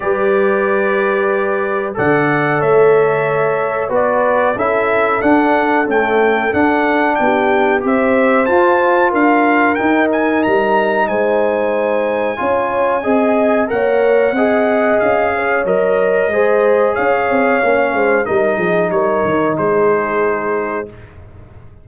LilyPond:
<<
  \new Staff \with { instrumentName = "trumpet" } { \time 4/4 \tempo 4 = 92 d''2. fis''4 | e''2 d''4 e''4 | fis''4 g''4 fis''4 g''4 | e''4 a''4 f''4 g''8 gis''8 |
ais''4 gis''2.~ | gis''4 fis''2 f''4 | dis''2 f''2 | dis''4 cis''4 c''2 | }
  \new Staff \with { instrumentName = "horn" } { \time 4/4 b'2. d''4 | cis''2 b'4 a'4~ | a'2. g'4 | c''2 ais'2~ |
ais'4 c''2 cis''4 | dis''4 cis''4 dis''4. cis''8~ | cis''4 c''4 cis''4. c''8 | ais'8 gis'8 ais'4 gis'2 | }
  \new Staff \with { instrumentName = "trombone" } { \time 4/4 g'2. a'4~ | a'2 fis'4 e'4 | d'4 a4 d'2 | g'4 f'2 dis'4~ |
dis'2. f'4 | gis'4 ais'4 gis'2 | ais'4 gis'2 cis'4 | dis'1 | }
  \new Staff \with { instrumentName = "tuba" } { \time 4/4 g2. d4 | a2 b4 cis'4 | d'4 cis'4 d'4 b4 | c'4 f'4 d'4 dis'4 |
g4 gis2 cis'4 | c'4 ais4 c'4 cis'4 | fis4 gis4 cis'8 c'8 ais8 gis8 | g8 f8 g8 dis8 gis2 | }
>>